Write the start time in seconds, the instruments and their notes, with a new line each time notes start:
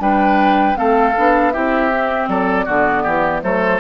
0.00 bassoon G3, clarinet D4, oboe B4, flute G5
0.75 bassoon A3, clarinet C4, oboe A4, flute F5
1.17 bassoon B3, clarinet D4
1.52 bassoon C4, clarinet E4, oboe G4, flute E5
1.92 clarinet C4
2.28 bassoon F#3, oboe A4, flute D5
2.65 bassoon D3, clarinet B3, oboe F#4
3.03 bassoon E3, oboe G4
3.42 bassoon F#3, clarinet A3, oboe A4, flute C5